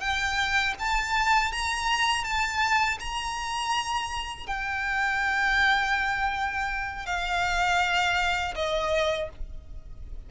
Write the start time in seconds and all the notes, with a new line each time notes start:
0.00 G5
0.79 A5
1.52 A#5
2.24 A5
3.00 A#5
4.47 G5
7.06 F5
8.56 D#5